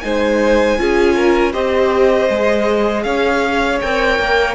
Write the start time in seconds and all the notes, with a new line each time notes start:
0.00 G#3 D#4 C5 G#5
0.78 C#4 F4 G#4
1.16 A#4
1.52 C4 G4 C5 D#5
2.29 G#3 G#4
3.03 C#4 C#5 F5
3.80 C4 A#4 G5
4.18 A#3